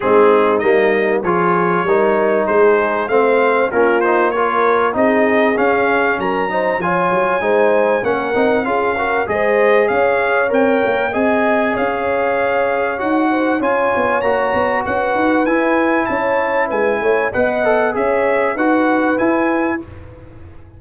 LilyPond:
<<
  \new Staff \with { instrumentName = "trumpet" } { \time 4/4 \tempo 4 = 97 gis'4 dis''4 cis''2 | c''4 f''4 ais'8 c''8 cis''4 | dis''4 f''4 ais''4 gis''4~ | gis''4 fis''4 f''4 dis''4 |
f''4 g''4 gis''4 f''4~ | f''4 fis''4 gis''4 ais''4 | fis''4 gis''4 a''4 gis''4 | fis''4 e''4 fis''4 gis''4 | }
  \new Staff \with { instrumentName = "horn" } { \time 4/4 dis'2 gis'4 ais'4 | gis'4 c''4 f'4 ais'4 | gis'2 ais'8 c''8 cis''4 | c''4 ais'4 gis'8 ais'8 c''4 |
cis''2 dis''4 cis''4~ | cis''4. c''8 cis''2 | b'2 cis''4 b'8 cis''8 | dis''4 cis''4 b'2 | }
  \new Staff \with { instrumentName = "trombone" } { \time 4/4 c'4 ais4 f'4 dis'4~ | dis'4 c'4 cis'8 dis'8 f'4 | dis'4 cis'4. dis'8 f'4 | dis'4 cis'8 dis'8 f'8 fis'8 gis'4~ |
gis'4 ais'4 gis'2~ | gis'4 fis'4 f'4 fis'4~ | fis'4 e'2. | b'8 a'8 gis'4 fis'4 e'4 | }
  \new Staff \with { instrumentName = "tuba" } { \time 4/4 gis4 g4 f4 g4 | gis4 a4 ais2 | c'4 cis'4 fis4 f8 fis8 | gis4 ais8 c'8 cis'4 gis4 |
cis'4 c'8 ais8 c'4 cis'4~ | cis'4 dis'4 cis'8 b8 ais8 b8 | cis'8 dis'8 e'4 cis'4 gis8 a8 | b4 cis'4 dis'4 e'4 | }
>>